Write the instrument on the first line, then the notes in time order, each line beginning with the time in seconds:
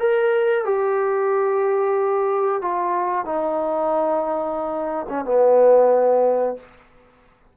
trombone
0.00 A#4
0.65 G4
2.62 F4
3.25 D#4
5.10 C#4
5.25 B3